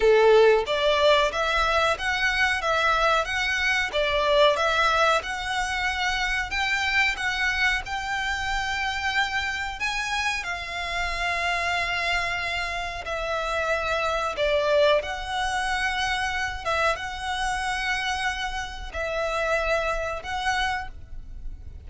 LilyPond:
\new Staff \with { instrumentName = "violin" } { \time 4/4 \tempo 4 = 92 a'4 d''4 e''4 fis''4 | e''4 fis''4 d''4 e''4 | fis''2 g''4 fis''4 | g''2. gis''4 |
f''1 | e''2 d''4 fis''4~ | fis''4. e''8 fis''2~ | fis''4 e''2 fis''4 | }